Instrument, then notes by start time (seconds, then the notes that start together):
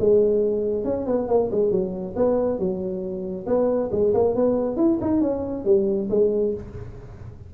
tuba
0.00 G#3
0.85 C#4
1.07 B3
1.28 A#3
1.51 G#3
1.72 F#3
2.16 B3
2.59 F#3
3.47 B3
3.92 G#3
4.14 A#3
4.35 B3
4.77 E4
5.01 D#4
5.21 C#4
5.65 G3
6.10 G#3